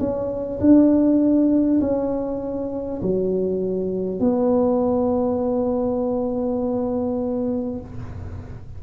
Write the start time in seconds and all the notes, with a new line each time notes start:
0.00 C#4
0.60 D4
1.81 C#4
3.02 F#3
4.20 B3